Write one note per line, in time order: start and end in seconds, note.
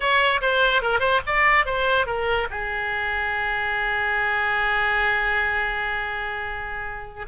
0.00 0.40 C#5
0.41 0.82 C5
0.82 0.99 A#4
0.99 1.20 C5
1.26 1.65 D5
1.65 2.06 C5
2.06 2.47 A#4
2.50 7.26 G#4